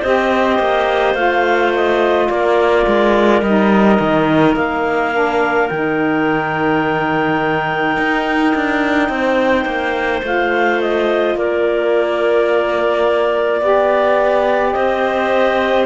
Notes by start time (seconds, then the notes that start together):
0.00 C4 G4 C5 D#5
0.59 A#3
1.15 A3 F4 F5
1.75 D#5
2.30 A#3 A#4 D5
2.87 G#3
3.42 G3 D#4 D#5
4.00 D#3
4.56 A#3 F5
5.13 D4
5.68 D#3 D#4 G5
7.97 D#4
8.55 D4
9.09 C4 C5
9.65 A#3
10.22 A3 F4 F5
10.81 D#5
11.35 A#3 A#4 D5
13.61 B3 G4 D5
14.72 C4 C5 D#5